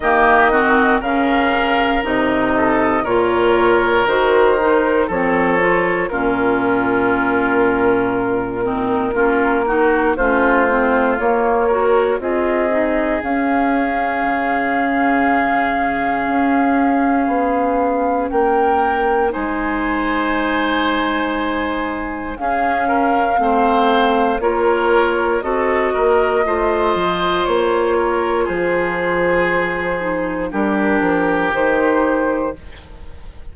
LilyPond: <<
  \new Staff \with { instrumentName = "flute" } { \time 4/4 \tempo 4 = 59 dis''4 f''4 dis''4 cis''4 | c''4 cis''4 ais'2~ | ais'2 c''4 cis''4 | dis''4 f''2.~ |
f''2 g''4 gis''4~ | gis''2 f''2 | cis''4 dis''2 cis''4 | c''2 ais'4 c''4 | }
  \new Staff \with { instrumentName = "oboe" } { \time 4/4 g'8 fis'8 ais'4. a'8 ais'4~ | ais'4 a'4 f'2~ | f'8 dis'8 f'8 fis'8 f'4. ais'8 | gis'1~ |
gis'2 ais'4 c''4~ | c''2 gis'8 ais'8 c''4 | ais'4 a'8 ais'8 c''4. ais'8 | gis'2 g'2 | }
  \new Staff \with { instrumentName = "clarinet" } { \time 4/4 ais8 c'8 cis'4 dis'4 f'4 | fis'8 dis'8 c'8 f'8 cis'2~ | cis'8 c'8 cis'8 dis'8 cis'8 c'8 ais8 fis'8 | f'8 dis'8 cis'2.~ |
cis'2. dis'4~ | dis'2 cis'4 c'4 | f'4 fis'4 f'2~ | f'4. dis'8 d'4 dis'4 | }
  \new Staff \with { instrumentName = "bassoon" } { \time 4/4 dis4 cis4 c4 ais,4 | dis4 f4 ais,2~ | ais,4 ais4 a4 ais4 | c'4 cis'4 cis2 |
cis'4 b4 ais4 gis4~ | gis2 cis'4 a4 | ais4 c'8 ais8 a8 f8 ais4 | f2 g8 f8 dis4 | }
>>